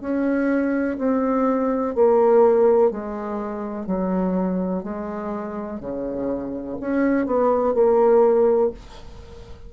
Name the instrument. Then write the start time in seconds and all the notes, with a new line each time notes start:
bassoon
0.00 C#4
0.98 C4
1.95 A#3
2.91 G#3
3.86 F#3
4.83 G#3
5.80 C#3
6.80 C#4
7.26 B3
7.74 A#3